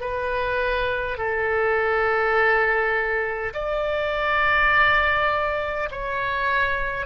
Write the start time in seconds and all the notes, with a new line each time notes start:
0.00 B4
1.18 A4
3.53 D5
5.91 C#5